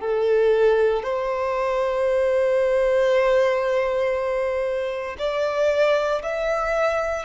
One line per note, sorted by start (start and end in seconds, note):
0.00 1.03 A4
1.03 5.17 C5
5.19 6.22 D5
6.23 7.26 E5